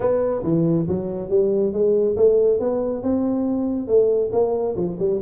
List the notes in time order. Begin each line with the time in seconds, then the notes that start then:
0.00 B3
0.43 E3
0.88 F#3
1.29 G3
1.72 G#3
2.16 A3
2.59 B3
3.02 C4
3.87 A3
4.32 A#3
4.75 F3
4.99 G3